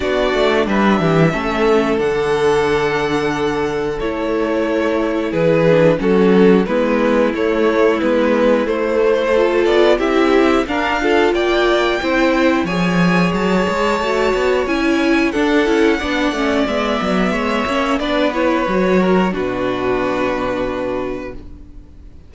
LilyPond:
<<
  \new Staff \with { instrumentName = "violin" } { \time 4/4 \tempo 4 = 90 d''4 e''2 fis''4~ | fis''2 cis''2 | b'4 a'4 b'4 cis''4 | b'4 c''4. d''8 e''4 |
f''4 g''2 gis''4 | a''2 gis''4 fis''4~ | fis''4 e''2 d''8 cis''8~ | cis''4 b'2. | }
  \new Staff \with { instrumentName = "violin" } { \time 4/4 fis'4 b'8 g'8 a'2~ | a'1 | gis'4 fis'4 e'2~ | e'2 a'4 g'4 |
ais'8 a'8 d''4 c''4 cis''4~ | cis''2. a'4 | d''2 cis''4 b'4~ | b'8 ais'8 fis'2. | }
  \new Staff \with { instrumentName = "viola" } { \time 4/4 d'2 cis'4 d'4~ | d'2 e'2~ | e'8 d'8 cis'4 b4 a4 | b4 a4 f'4 e'4 |
d'8 f'4. e'4 gis'4~ | gis'4 fis'4 e'4 d'8 e'8 | d'8 cis'8 b4. cis'8 d'8 e'8 | fis'4 d'2. | }
  \new Staff \with { instrumentName = "cello" } { \time 4/4 b8 a8 g8 e8 a4 d4~ | d2 a2 | e4 fis4 gis4 a4 | gis4 a4. b8 c'4 |
d'4 ais4 c'4 f4 | fis8 gis8 a8 b8 cis'4 d'8 cis'8 | b8 a8 gis8 fis8 gis8 ais8 b4 | fis4 b,2. | }
>>